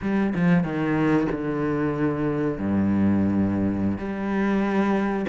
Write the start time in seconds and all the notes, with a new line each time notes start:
0.01 G3
0.35 F3
0.63 D#3
1.31 D3
2.57 G2
3.97 G3